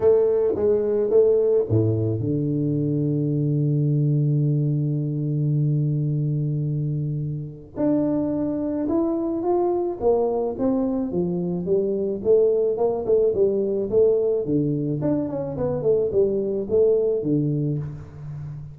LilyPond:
\new Staff \with { instrumentName = "tuba" } { \time 4/4 \tempo 4 = 108 a4 gis4 a4 a,4 | d1~ | d1~ | d2 d'2 |
e'4 f'4 ais4 c'4 | f4 g4 a4 ais8 a8 | g4 a4 d4 d'8 cis'8 | b8 a8 g4 a4 d4 | }